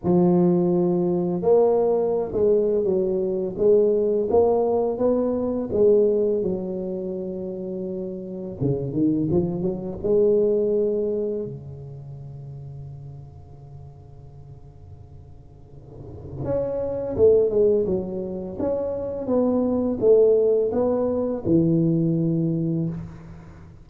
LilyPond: \new Staff \with { instrumentName = "tuba" } { \time 4/4 \tempo 4 = 84 f2 ais4~ ais16 gis8. | fis4 gis4 ais4 b4 | gis4 fis2. | cis8 dis8 f8 fis8 gis2 |
cis1~ | cis2. cis'4 | a8 gis8 fis4 cis'4 b4 | a4 b4 e2 | }